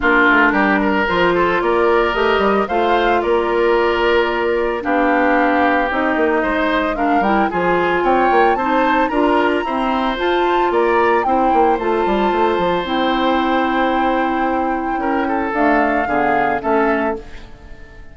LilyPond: <<
  \new Staff \with { instrumentName = "flute" } { \time 4/4 \tempo 4 = 112 ais'2 c''4 d''4 | dis''4 f''4 d''2~ | d''4 f''2 dis''4~ | dis''4 f''8 g''8 gis''4 g''4 |
a''4 ais''2 a''4 | ais''4 g''4 a''2 | g''1~ | g''4 f''2 e''4 | }
  \new Staff \with { instrumentName = "oboe" } { \time 4/4 f'4 g'8 ais'4 a'8 ais'4~ | ais'4 c''4 ais'2~ | ais'4 g'2. | c''4 ais'4 gis'4 cis''4 |
c''4 ais'4 c''2 | d''4 c''2.~ | c''1 | ais'8 a'4. gis'4 a'4 | }
  \new Staff \with { instrumentName = "clarinet" } { \time 4/4 d'2 f'2 | g'4 f'2.~ | f'4 d'2 dis'4~ | dis'4 d'8 e'8 f'2 |
dis'4 f'4 c'4 f'4~ | f'4 e'4 f'2 | e'1~ | e'4 a4 b4 cis'4 | }
  \new Staff \with { instrumentName = "bassoon" } { \time 4/4 ais8 a8 g4 f4 ais4 | a8 g8 a4 ais2~ | ais4 b2 c'8 ais8 | gis4. g8 f4 c'8 ais8 |
c'4 d'4 e'4 f'4 | ais4 c'8 ais8 a8 g8 a8 f8 | c'1 | cis'4 d'4 d4 a4 | }
>>